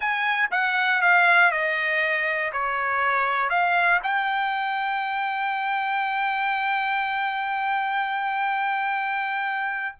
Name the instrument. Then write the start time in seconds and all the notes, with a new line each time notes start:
trumpet
0.00 G#5
0.51 F#5
1.01 F5
1.51 D#5
2.52 C#5
3.49 F5
4.03 G5